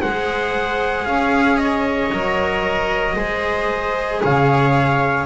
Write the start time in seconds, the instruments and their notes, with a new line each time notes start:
0.00 double bass G#3, cello G#4, viola C5, trumpet F#5
1.05 double bass C#4, viola C#5, trumpet F5
1.58 trumpet D#5
2.12 double bass F#3, cello A#4
3.15 double bass G#3, cello G#4, viola C5
4.22 double bass C#3, viola C#5, trumpet F5